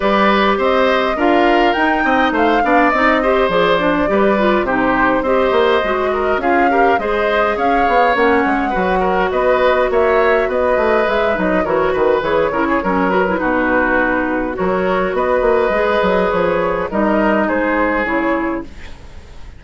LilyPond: <<
  \new Staff \with { instrumentName = "flute" } { \time 4/4 \tempo 4 = 103 d''4 dis''4 f''4 g''4 | f''4 dis''4 d''2 | c''4 dis''2 f''4 | dis''4 f''4 fis''2 |
dis''4 e''4 dis''4 e''8 dis''8 | cis''8 b'8 cis''4. b'4.~ | b'4 cis''4 dis''2 | cis''4 dis''4 c''4 cis''4 | }
  \new Staff \with { instrumentName = "oboe" } { \time 4/4 b'4 c''4 ais'4. dis''8 | c''8 d''4 c''4. b'4 | g'4 c''4. ais'8 gis'8 ais'8 | c''4 cis''2 b'8 ais'8 |
b'4 cis''4 b'2 | ais'8 b'4 ais'16 gis'16 ais'4 fis'4~ | fis'4 ais'4 b'2~ | b'4 ais'4 gis'2 | }
  \new Staff \with { instrumentName = "clarinet" } { \time 4/4 g'2 f'4 dis'4~ | dis'8 d'8 dis'8 g'8 gis'8 d'8 g'8 f'8 | dis'4 g'4 fis'4 f'8 g'8 | gis'2 cis'4 fis'4~ |
fis'2. gis'8 dis'8 | fis'4 gis'8 e'8 cis'8 fis'16 e'16 dis'4~ | dis'4 fis'2 gis'4~ | gis'4 dis'2 e'4 | }
  \new Staff \with { instrumentName = "bassoon" } { \time 4/4 g4 c'4 d'4 dis'8 c'8 | a8 b8 c'4 f4 g4 | c4 c'8 ais8 gis4 cis'4 | gis4 cis'8 b8 ais8 gis8 fis4 |
b4 ais4 b8 a8 gis8 fis8 | e8 dis8 e8 cis8 fis4 b,4~ | b,4 fis4 b8 ais8 gis8 fis8 | f4 g4 gis4 cis4 | }
>>